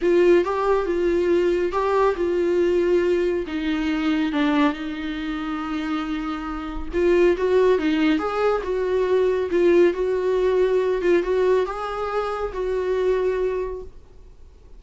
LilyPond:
\new Staff \with { instrumentName = "viola" } { \time 4/4 \tempo 4 = 139 f'4 g'4 f'2 | g'4 f'2. | dis'2 d'4 dis'4~ | dis'1 |
f'4 fis'4 dis'4 gis'4 | fis'2 f'4 fis'4~ | fis'4. f'8 fis'4 gis'4~ | gis'4 fis'2. | }